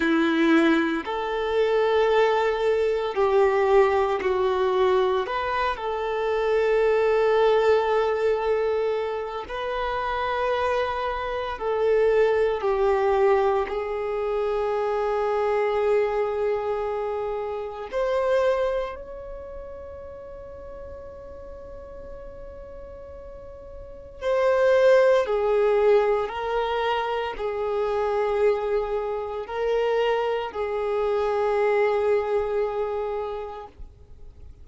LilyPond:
\new Staff \with { instrumentName = "violin" } { \time 4/4 \tempo 4 = 57 e'4 a'2 g'4 | fis'4 b'8 a'2~ a'8~ | a'4 b'2 a'4 | g'4 gis'2.~ |
gis'4 c''4 cis''2~ | cis''2. c''4 | gis'4 ais'4 gis'2 | ais'4 gis'2. | }